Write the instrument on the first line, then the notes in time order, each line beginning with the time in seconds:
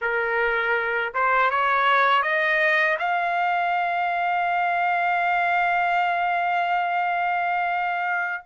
trumpet
0.01 A#4
1.14 C5
1.50 C#5
2.22 D#5
2.99 F5